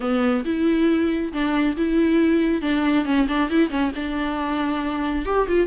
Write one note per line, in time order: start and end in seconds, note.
0.00 0.44 B3
0.44 1.32 E4
1.32 1.76 D4
1.77 2.61 E4
2.61 3.05 D4
3.05 3.27 C#4
3.28 3.49 D4
3.49 3.69 E4
3.69 3.91 C#4
3.95 5.25 D4
5.25 5.47 G4
5.47 5.67 F4